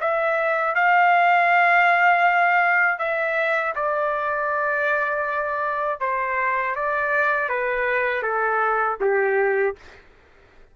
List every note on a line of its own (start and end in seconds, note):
0.00 0.74 E5
0.74 2.98 F5
2.98 3.73 E5
3.75 6.00 D5
6.00 6.75 C5
6.75 7.49 D5
7.49 8.22 B4
8.22 8.97 A4
9.00 9.75 G4